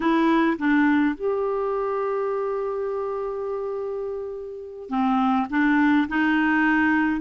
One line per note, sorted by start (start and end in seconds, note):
0.00 0.57 E4
0.58 1.15 D4
1.15 4.89 G4
4.89 5.47 C4
5.50 6.07 D4
6.08 7.20 D#4